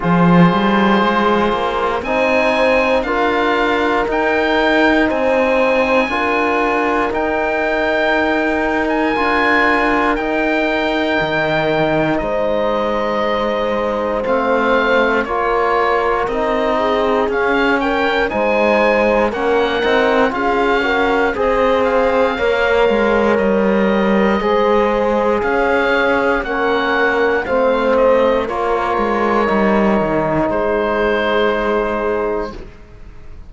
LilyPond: <<
  \new Staff \with { instrumentName = "oboe" } { \time 4/4 \tempo 4 = 59 c''2 gis''4 f''4 | g''4 gis''2 g''4~ | g''8. gis''4~ gis''16 g''2 | dis''2 f''4 cis''4 |
dis''4 f''8 g''8 gis''4 fis''4 | f''4 dis''8 f''4. dis''4~ | dis''4 f''4 fis''4 f''8 dis''8 | cis''2 c''2 | }
  \new Staff \with { instrumentName = "horn" } { \time 4/4 gis'2 c''4 ais'4~ | ais'4 c''4 ais'2~ | ais'1 | c''2. ais'4~ |
ais'8 gis'4 ais'8 c''4 ais'4 | gis'8 ais'8 c''4 cis''2 | c''4 cis''4 ais'4 c''4 | ais'2 gis'2 | }
  \new Staff \with { instrumentName = "trombone" } { \time 4/4 f'2 dis'4 f'4 | dis'2 f'4 dis'4~ | dis'4 f'4 dis'2~ | dis'2 c'4 f'4 |
dis'4 cis'4 dis'4 cis'8 dis'8 | f'8 fis'8 gis'4 ais'2 | gis'2 cis'4 c'4 | f'4 dis'2. | }
  \new Staff \with { instrumentName = "cello" } { \time 4/4 f8 g8 gis8 ais8 c'4 d'4 | dis'4 c'4 d'4 dis'4~ | dis'4 d'4 dis'4 dis4 | gis2 a4 ais4 |
c'4 cis'4 gis4 ais8 c'8 | cis'4 c'4 ais8 gis8 g4 | gis4 cis'4 ais4 a4 | ais8 gis8 g8 dis8 gis2 | }
>>